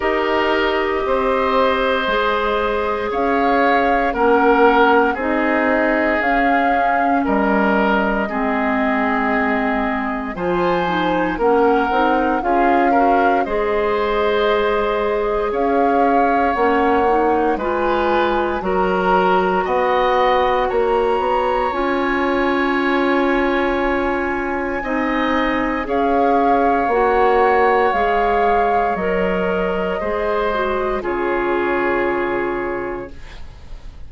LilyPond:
<<
  \new Staff \with { instrumentName = "flute" } { \time 4/4 \tempo 4 = 58 dis''2. f''4 | fis''4 dis''4 f''4 dis''4~ | dis''2 gis''4 fis''4 | f''4 dis''2 f''4 |
fis''4 gis''4 ais''4 fis''4 | ais''4 gis''2.~ | gis''4 f''4 fis''4 f''4 | dis''2 cis''2 | }
  \new Staff \with { instrumentName = "oboe" } { \time 4/4 ais'4 c''2 cis''4 | ais'4 gis'2 ais'4 | gis'2 c''4 ais'4 | gis'8 ais'8 c''2 cis''4~ |
cis''4 b'4 ais'4 dis''4 | cis''1 | dis''4 cis''2.~ | cis''4 c''4 gis'2 | }
  \new Staff \with { instrumentName = "clarinet" } { \time 4/4 g'2 gis'2 | cis'4 dis'4 cis'2 | c'2 f'8 dis'8 cis'8 dis'8 | f'8 fis'8 gis'2. |
cis'8 dis'8 f'4 fis'2~ | fis'4 f'2. | dis'4 gis'4 fis'4 gis'4 | ais'4 gis'8 fis'8 f'2 | }
  \new Staff \with { instrumentName = "bassoon" } { \time 4/4 dis'4 c'4 gis4 cis'4 | ais4 c'4 cis'4 g4 | gis2 f4 ais8 c'8 | cis'4 gis2 cis'4 |
ais4 gis4 fis4 b4 | ais8 b8 cis'2. | c'4 cis'4 ais4 gis4 | fis4 gis4 cis2 | }
>>